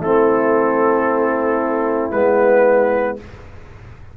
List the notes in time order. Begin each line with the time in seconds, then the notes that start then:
0.00 A3 C4 E4 A4
2.12 G#3 B3 B4